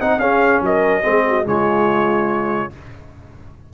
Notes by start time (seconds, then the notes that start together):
0.00 C4 D#4 D#5 F#5
0.18 C#4 G#4 F5
0.61 F#3 A#4 D#5
1.02 G#3 C4 G#4
1.28 F#4
1.44 C#3 G#3 F4 C#5